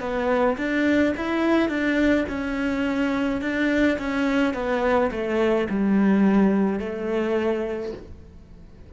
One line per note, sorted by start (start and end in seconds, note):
0.00 0.57 B3
0.57 1.14 D4
1.17 1.68 E4
1.68 2.25 D4
2.28 3.41 C#4
3.41 3.98 D4
3.99 4.54 C#4
4.54 5.10 B3
5.11 5.68 A3
5.70 6.79 G3
6.79 7.92 A3